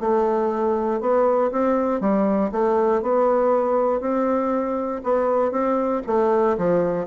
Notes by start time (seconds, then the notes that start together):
0.00 A3
1.01 B3
1.52 C4
2.01 G3
2.52 A3
3.03 B3
4.01 C4
5.04 B3
5.52 C4
6.07 A3
6.58 F3